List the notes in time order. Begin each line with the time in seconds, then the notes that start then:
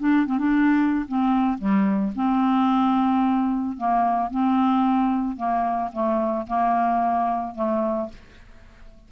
0.00 D4
0.27 C4
0.39 D4
1.09 C4
1.59 G3
2.16 C4
3.78 A#3
4.31 C4
5.37 A#3
5.93 A3
6.47 A#3
7.55 A3